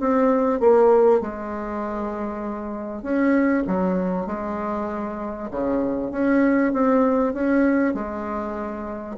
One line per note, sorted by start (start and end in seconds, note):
0.00 0.60 C4
0.60 1.21 A#3
1.21 3.03 G#3
3.03 3.64 C#4
3.67 4.27 F#3
4.27 5.49 G#3
5.51 6.11 C#3
6.11 6.73 C#4
6.73 7.34 C4
7.34 7.94 C#4
7.94 9.16 G#3